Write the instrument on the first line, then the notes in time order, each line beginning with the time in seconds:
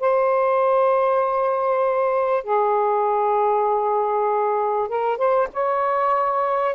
saxophone
0.00 C5
2.44 G#4
4.88 A#4
5.18 C5
5.53 C#5